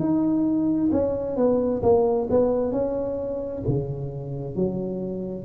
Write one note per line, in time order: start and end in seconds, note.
0.00 0.91 D#4
0.93 1.37 C#4
1.37 1.83 B3
1.83 2.29 A#3
2.31 2.72 B3
2.72 3.63 C#4
3.68 4.56 C#3
4.56 5.45 F#3